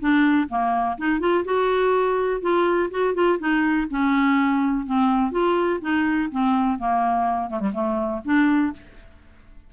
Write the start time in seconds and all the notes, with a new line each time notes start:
0.00 D4
0.49 A#3
0.98 D#4
1.20 F4
1.45 F#4
2.41 F4
2.91 F#4
3.14 F4
3.39 D#4
3.90 C#4
4.86 C4
5.32 F4
5.81 D#4
6.31 C4
6.79 A#3
7.50 A3
7.60 G3
7.73 A3
8.25 D4